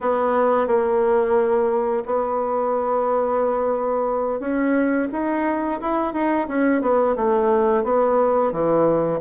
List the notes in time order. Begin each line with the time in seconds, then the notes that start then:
0.01 B3
0.67 A#3
2.05 B3
4.39 C#4
5.12 D#4
5.80 E4
6.13 D#4
6.48 C#4
6.81 B3
7.16 A3
7.83 B3
8.52 E3